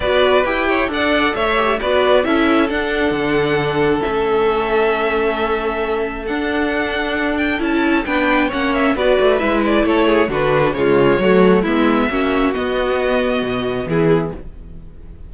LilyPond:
<<
  \new Staff \with { instrumentName = "violin" } { \time 4/4 \tempo 4 = 134 d''4 g''4 fis''4 e''4 | d''4 e''4 fis''2~ | fis''4 e''2.~ | e''2 fis''2~ |
fis''8 g''8 a''4 g''4 fis''8 e''8 | d''4 e''8 d''8 cis''4 b'4 | cis''2 e''2 | dis''2. gis'4 | }
  \new Staff \with { instrumentName = "violin" } { \time 4/4 b'4. cis''8 d''4 cis''4 | b'4 a'2.~ | a'1~ | a'1~ |
a'2 b'4 cis''4 | b'2 a'8 gis'8 fis'4 | f'4 fis'4 e'4 fis'4~ | fis'2. e'4 | }
  \new Staff \with { instrumentName = "viola" } { \time 4/4 fis'4 g'4 a'4. g'8 | fis'4 e'4 d'2~ | d'4 cis'2.~ | cis'2 d'2~ |
d'4 e'4 d'4 cis'4 | fis'4 e'2 d'4 | gis4 a4 b4 cis'4 | b1 | }
  \new Staff \with { instrumentName = "cello" } { \time 4/4 b4 e'4 d'4 a4 | b4 cis'4 d'4 d4~ | d4 a2.~ | a2 d'2~ |
d'4 cis'4 b4 ais4 | b8 a8 gis4 a4 d4 | cis4 fis4 gis4 ais4 | b2 b,4 e4 | }
>>